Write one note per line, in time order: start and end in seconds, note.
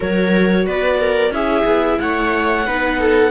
0.00 0.66 F#3
0.00 1.32 F#4
0.00 0.66 A#4
0.00 0.67 C#5
0.66 1.30 B3
0.66 0.99 B4
0.66 1.33 D5
0.99 1.33 A#4
1.30 1.63 C#4
1.30 2.65 E4
1.30 2.00 G#4
1.30 1.99 E5
1.65 1.98 B3
1.99 2.66 A3
1.99 2.65 C#5
1.99 3.31 F#5
2.65 3.31 B3
2.65 3.31 D#4
2.65 2.99 B4
2.99 3.31 A4